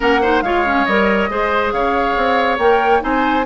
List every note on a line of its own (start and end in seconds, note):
0.00 0.42 A#3
0.00 0.21 C#4
0.00 0.20 A#4
0.00 0.42 F#5
0.21 0.44 D#4
0.21 0.43 C5
0.42 0.85 G#3
0.42 0.65 F4
0.42 1.30 C#5
0.42 0.85 F5
0.65 0.86 C#4
0.85 1.29 G3
0.85 1.30 A#4
0.85 1.71 D#5
1.29 1.72 G#3
1.29 2.59 G#4
1.29 1.73 C5
1.72 2.16 C#3
1.72 3.03 C#5
1.72 2.58 F5
2.16 2.58 C4
2.58 3.01 A#3
2.58 2.99 A#4
2.58 3.01 G5
2.99 3.45 C4
2.99 3.43 D#4
2.99 3.45 C5
2.99 3.45 G#5